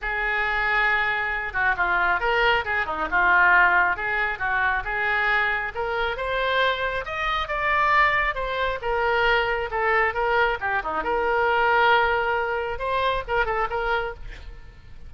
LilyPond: \new Staff \with { instrumentName = "oboe" } { \time 4/4 \tempo 4 = 136 gis'2.~ gis'8 fis'8 | f'4 ais'4 gis'8 dis'8 f'4~ | f'4 gis'4 fis'4 gis'4~ | gis'4 ais'4 c''2 |
dis''4 d''2 c''4 | ais'2 a'4 ais'4 | g'8 dis'8 ais'2.~ | ais'4 c''4 ais'8 a'8 ais'4 | }